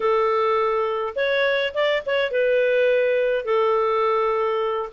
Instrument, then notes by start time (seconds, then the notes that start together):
clarinet
0.00 A4
1.15 C#5
1.74 D5
2.05 C#5
2.31 B4
3.45 A4